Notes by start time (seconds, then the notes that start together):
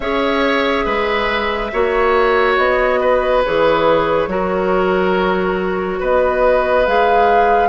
0.00 C#4 G#4 C#5 E5
0.85 G#3 B4
1.72 A#3 F#4 C#5
2.56 B3 D#5
3.00 B4
3.44 E3 G#4 C#5
4.27 F#3 F#4 A#4
5.99 B3 B4 D#5
6.85 G#3 G#4 F5